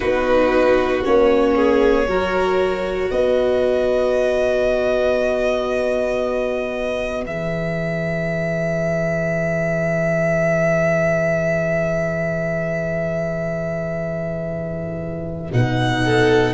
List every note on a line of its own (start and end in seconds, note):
0.00 1.04 B3
0.00 1.03 D#4
0.00 1.54 F#4
0.00 1.01 B4
1.03 2.06 A#3
1.03 2.07 C#4
1.03 3.10 C#5
1.55 2.07 G#4
2.06 3.10 F#3
2.06 7.25 F#4
2.06 3.11 A#4
3.10 7.25 B3
3.10 16.04 B4
3.10 7.24 D#5
7.25 15.52 E3
7.25 15.52 G#4
7.25 15.52 E5
15.52 16.54 B2
15.52 16.54 D#4
15.52 16.54 F#5
16.04 16.54 A4